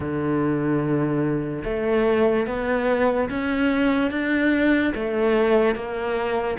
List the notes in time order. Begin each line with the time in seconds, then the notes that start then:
0.00 D3
1.64 A3
2.47 B3
3.29 C#4
4.11 D4
4.94 A3
5.75 A#3